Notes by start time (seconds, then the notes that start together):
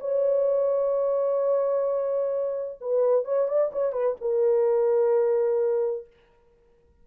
0.00 C#5
2.81 B4
3.25 C#5
3.48 D5
3.73 C#5
3.93 B4
4.21 A#4